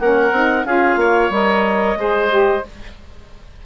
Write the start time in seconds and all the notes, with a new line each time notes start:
0.00 A#3 C#4 A#4 F#5
0.31 C4 D#4
0.65 C#4 F4 G#4 F5
0.96 A#3 C#5
1.30 G3 A#4 D#5
1.96 G#3 G#4 C5
2.29 G4